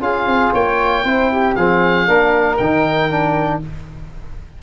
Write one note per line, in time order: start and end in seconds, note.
0.00 0.25 C#4
0.00 1.03 F4
0.00 0.53 G#4
0.00 0.54 F5
0.25 0.51 C4
0.53 1.04 A#3
0.53 1.04 C#5
0.53 1.55 G5
1.03 1.56 C4
1.03 1.55 E4
1.03 1.31 C5
1.32 1.57 G4
1.55 2.07 F3
1.55 2.06 C4
1.55 2.08 G#4
1.55 2.57 F5
2.06 2.59 A#3
2.06 2.58 D4
2.06 3.62 A#4
2.57 3.62 D#3
2.57 3.10 D#4
2.57 3.59 G5
3.10 3.61 D4